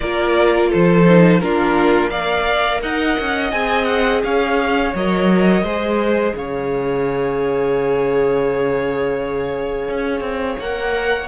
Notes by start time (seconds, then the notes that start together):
0.00 A#3 F4 A#4 D5
0.69 F3 A4 C5
1.05 D#4
1.40 A#3 D4 F4 A#4
2.09 A#4 D5 F5
2.82 D#4 D#5 F#5
3.19 C#4
3.51 C4 G#4 G#5
3.85 F#5
4.23 C#4 C#5 F5
4.94 F#3 A#4 D#5
5.62 G#3 G#4 C5
6.35 C#3 C#5 F5
9.88 C#4
10.20 C4
10.59 A#3 A#4 F#5